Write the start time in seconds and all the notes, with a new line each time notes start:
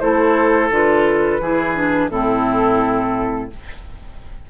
0.00 A3 E4 A4 C5
0.70 D3 F4 B4
1.41 E3 E4 G#4
1.75 D4
2.10 A2 C4 E4 A4